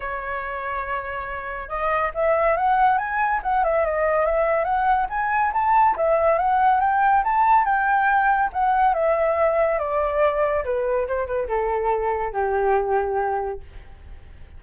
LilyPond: \new Staff \with { instrumentName = "flute" } { \time 4/4 \tempo 4 = 141 cis''1 | dis''4 e''4 fis''4 gis''4 | fis''8 e''8 dis''4 e''4 fis''4 | gis''4 a''4 e''4 fis''4 |
g''4 a''4 g''2 | fis''4 e''2 d''4~ | d''4 b'4 c''8 b'8 a'4~ | a'4 g'2. | }